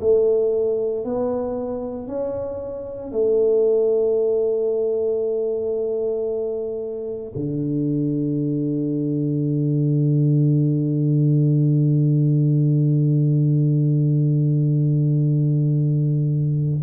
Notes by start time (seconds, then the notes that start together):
0.00 A3
1.04 B3
2.07 C#4
3.11 A3
7.35 D3